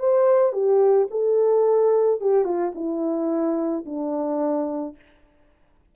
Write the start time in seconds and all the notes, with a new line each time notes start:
0.00 C5
0.53 G4
1.11 A4
2.21 G4
2.45 F4
2.75 E4
3.86 D4